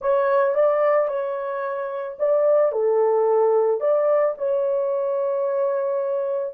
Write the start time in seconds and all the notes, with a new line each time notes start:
0.01 C#5
0.54 D5
1.08 C#5
2.18 D5
2.72 A4
3.80 D5
4.37 C#5